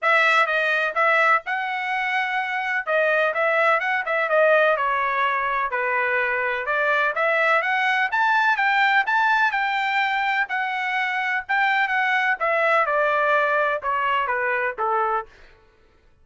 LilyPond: \new Staff \with { instrumentName = "trumpet" } { \time 4/4 \tempo 4 = 126 e''4 dis''4 e''4 fis''4~ | fis''2 dis''4 e''4 | fis''8 e''8 dis''4 cis''2 | b'2 d''4 e''4 |
fis''4 a''4 g''4 a''4 | g''2 fis''2 | g''4 fis''4 e''4 d''4~ | d''4 cis''4 b'4 a'4 | }